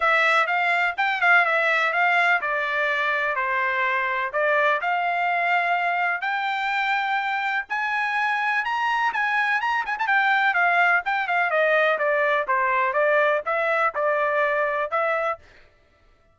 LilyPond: \new Staff \with { instrumentName = "trumpet" } { \time 4/4 \tempo 4 = 125 e''4 f''4 g''8 f''8 e''4 | f''4 d''2 c''4~ | c''4 d''4 f''2~ | f''4 g''2. |
gis''2 ais''4 gis''4 | ais''8 gis''16 a''16 g''4 f''4 g''8 f''8 | dis''4 d''4 c''4 d''4 | e''4 d''2 e''4 | }